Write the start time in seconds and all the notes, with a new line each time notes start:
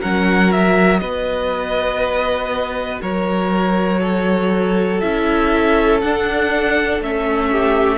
0.00 F#3 C#4 A#4 F#5
0.51 F#4 E5
0.99 B3 B4 D#5
3.01 F#3 A#4 C#5
4.00 A4
5.00 C#4 E4 E5
6.01 D4 F#5
7.00 A3 C#4 E5
7.51 G4